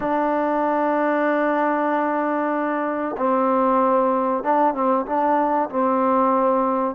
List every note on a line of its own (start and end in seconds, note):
0.00 3.16 D4
3.17 4.43 C4
4.43 4.74 D4
4.74 5.05 C4
5.06 5.69 D4
5.69 6.95 C4